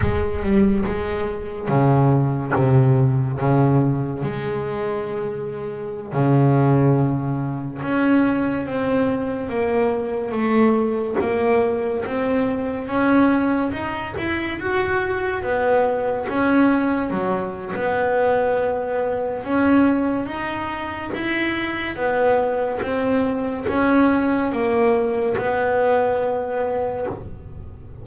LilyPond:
\new Staff \with { instrumentName = "double bass" } { \time 4/4 \tempo 4 = 71 gis8 g8 gis4 cis4 c4 | cis4 gis2~ gis16 cis8.~ | cis4~ cis16 cis'4 c'4 ais8.~ | ais16 a4 ais4 c'4 cis'8.~ |
cis'16 dis'8 e'8 fis'4 b4 cis'8.~ | cis'16 fis8. b2 cis'4 | dis'4 e'4 b4 c'4 | cis'4 ais4 b2 | }